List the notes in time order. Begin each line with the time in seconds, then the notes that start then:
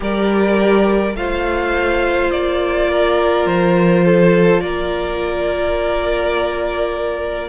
0.00 G3 G4 A#4 D5
1.14 A3 F4 C5 F5
2.31 A#3 D5
2.90 A#4
3.45 F3 C5
4.05 A4
4.60 A#3 A#4 D5